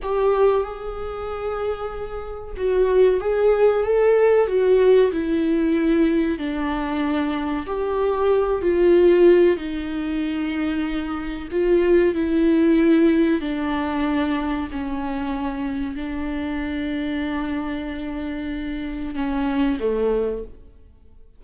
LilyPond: \new Staff \with { instrumentName = "viola" } { \time 4/4 \tempo 4 = 94 g'4 gis'2. | fis'4 gis'4 a'4 fis'4 | e'2 d'2 | g'4. f'4. dis'4~ |
dis'2 f'4 e'4~ | e'4 d'2 cis'4~ | cis'4 d'2.~ | d'2 cis'4 a4 | }